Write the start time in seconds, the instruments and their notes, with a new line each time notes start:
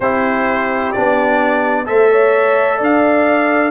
0.00 tuba C4, trombone E4, horn G4, trumpet C5
0.92 tuba B3, trombone D4, trumpet D5
1.85 tuba A3, trombone A4, horn C5, trumpet E5
2.11 horn C#5
2.78 tuba D4, horn D5, trumpet F5